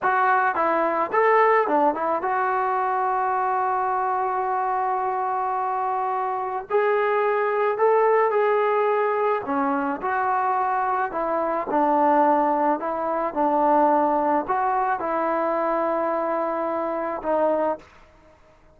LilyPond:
\new Staff \with { instrumentName = "trombone" } { \time 4/4 \tempo 4 = 108 fis'4 e'4 a'4 d'8 e'8 | fis'1~ | fis'1 | gis'2 a'4 gis'4~ |
gis'4 cis'4 fis'2 | e'4 d'2 e'4 | d'2 fis'4 e'4~ | e'2. dis'4 | }